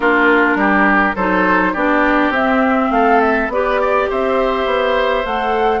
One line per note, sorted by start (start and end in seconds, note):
0.00 0.55 A#3
0.00 1.14 D4
0.00 0.57 F4
0.00 1.16 A#4
0.55 1.13 G3
0.55 1.15 G4
1.15 1.73 F#3
1.15 1.75 D#4
1.15 1.72 A4
1.15 1.74 C5
1.72 2.30 B3
1.72 2.33 D4
1.72 2.89 G4
1.72 2.32 D5
2.30 2.88 C4
2.30 3.50 C4
2.30 2.91 E5
2.90 3.48 A3
2.90 3.52 A4
2.90 3.20 F5
3.20 3.50 E5
3.48 4.06 B3
3.48 5.24 G4
3.48 3.80 B4
3.48 4.09 D5
3.80 4.09 D5
4.09 4.65 C4
4.09 5.80 C5
4.09 5.26 E5
4.65 5.23 B3
5.24 5.80 A3
5.24 5.80 A4
5.24 5.80 F#5